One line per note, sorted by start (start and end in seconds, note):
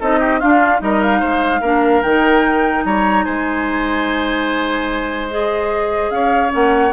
0.00 0.42 C4
0.00 0.41 D#4
0.00 0.20 A4
0.00 0.40 D#5
0.20 0.40 G4
0.40 0.79 D4
0.40 0.81 D4
0.40 0.81 F4
0.40 0.81 F5
0.79 1.22 G3
0.79 1.60 D#4
0.79 1.20 A#4
0.79 1.02 D#5
1.02 2.03 F5
1.20 1.61 G#3
1.20 1.61 C5
1.61 2.02 A#3
1.61 2.04 D4
1.61 2.84 A#4
2.03 2.84 D#3
2.03 5.30 D#4
2.03 2.84 G5
2.84 3.25 G3
2.84 3.25 C#5
2.84 3.24 A#5
3.24 6.10 G#3
3.24 6.11 C5
3.24 5.28 G#5
5.30 6.50 G#4
5.30 6.10 D#5
6.10 6.51 C#4
6.10 6.93 C#5
6.10 6.51 F5
6.50 6.93 A#3
6.50 6.91 C#4
6.50 6.93 F#5